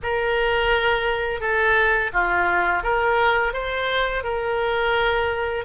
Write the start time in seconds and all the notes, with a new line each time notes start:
0.02 A#4
1.40 A4
2.13 F4
2.83 A#4
3.53 C5
4.23 A#4